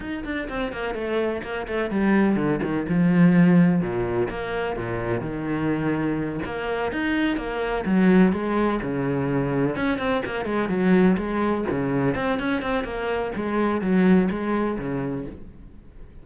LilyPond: \new Staff \with { instrumentName = "cello" } { \time 4/4 \tempo 4 = 126 dis'8 d'8 c'8 ais8 a4 ais8 a8 | g4 d8 dis8 f2 | ais,4 ais4 ais,4 dis4~ | dis4. ais4 dis'4 ais8~ |
ais8 fis4 gis4 cis4.~ | cis8 cis'8 c'8 ais8 gis8 fis4 gis8~ | gis8 cis4 c'8 cis'8 c'8 ais4 | gis4 fis4 gis4 cis4 | }